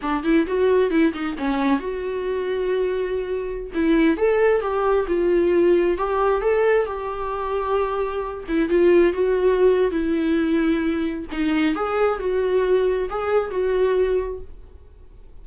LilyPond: \new Staff \with { instrumentName = "viola" } { \time 4/4 \tempo 4 = 133 d'8 e'8 fis'4 e'8 dis'8 cis'4 | fis'1~ | fis'16 e'4 a'4 g'4 f'8.~ | f'4~ f'16 g'4 a'4 g'8.~ |
g'2~ g'8. e'8 f'8.~ | f'16 fis'4.~ fis'16 e'2~ | e'4 dis'4 gis'4 fis'4~ | fis'4 gis'4 fis'2 | }